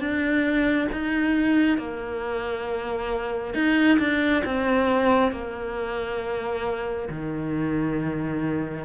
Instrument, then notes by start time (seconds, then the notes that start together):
cello
0.00 D4
0.92 D#4
1.78 A#3
3.55 D#4
3.99 D4
4.45 C4
5.32 A#3
7.10 D#3